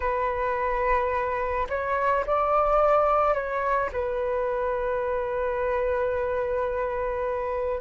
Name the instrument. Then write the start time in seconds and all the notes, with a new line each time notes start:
flute
0.00 B4
1.69 C#5
2.26 D5
3.33 C#5
3.92 B4